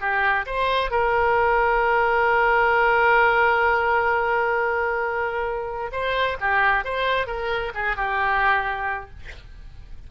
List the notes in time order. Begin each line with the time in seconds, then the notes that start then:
0.00 G4
0.46 C5
0.90 A#4
5.92 C5
6.40 G4
6.84 C5
7.27 A#4
7.74 G#4
7.96 G4